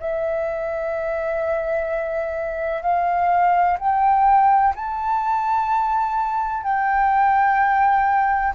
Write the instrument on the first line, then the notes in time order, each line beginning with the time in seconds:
flute
0.00 E5
2.83 F5
3.79 G5
4.76 A5
6.64 G5